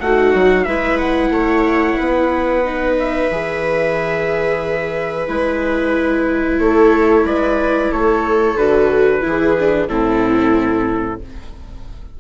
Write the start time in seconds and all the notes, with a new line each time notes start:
0.00 A3 D#4 F#4 F#5
0.34 F#3
0.64 G#3 E4 B4 E5
0.98 F#5
1.30 A3 C#5
1.97 B3 B4
2.65 D#4
2.99 E5
3.31 E3 G#4
5.28 G#3 E4 B4
6.59 A3 A4 C#5
7.24 G#3 B4 D5
7.91 A3 A4 C#5
8.55 D3 F#4 B4
9.21 E3 E4 G#4
9.59 D4
9.88 A2 C4 E4 A4